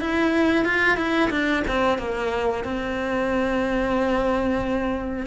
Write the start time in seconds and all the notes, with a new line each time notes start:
0.00 E4
0.64 F4
0.97 E4
1.30 D4
1.67 C4
1.98 A#3
2.64 C4